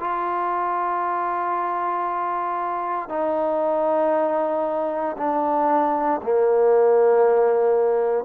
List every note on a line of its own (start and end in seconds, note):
0.00 3.09 F4
3.09 5.16 D#4
5.17 6.21 D4
6.23 8.25 A#3